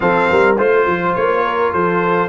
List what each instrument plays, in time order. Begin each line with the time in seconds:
0.00 tuba F3, trombone C4, horn A4, trumpet F5
0.30 tuba G3, horn A#4
0.57 tuba A3, trombone F4, trumpet C5, horn C5
0.86 tuba F3
1.14 tuba A#3, trumpet C#5
1.43 horn A#4
1.72 tuba F3, horn A4, trumpet C5